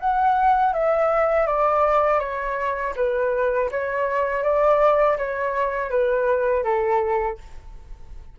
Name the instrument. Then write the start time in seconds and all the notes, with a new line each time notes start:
flute
0.00 F#5
0.73 E5
1.46 D5
2.20 C#5
2.96 B4
3.71 C#5
4.43 D5
5.18 C#5
5.90 B4
6.64 A4